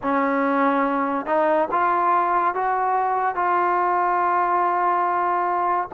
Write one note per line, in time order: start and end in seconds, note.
0.02 1.26 C#4
1.26 1.68 D#4
1.71 2.54 F4
2.54 3.35 F#4
3.35 5.88 F4